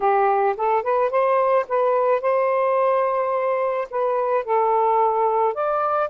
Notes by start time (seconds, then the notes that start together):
0.00 G4
0.57 A4
0.82 B4
1.10 C5
1.68 B4
2.21 C5
3.90 B4
4.44 A4
5.54 D5